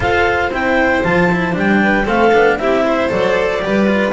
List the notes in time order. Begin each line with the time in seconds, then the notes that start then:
0.00 F4 A4 C5 F5
0.50 C4 E4 G5
1.03 F3 F4 A5
1.31 E4
1.52 G3 D4 G5
1.82 B4
2.04 A3 C4 A4 F5
2.33 B3 D4
2.58 C4 E4 G4 E5
2.85 C5
3.09 F#3 A4 D5
3.62 G3 G4 B4
3.86 F4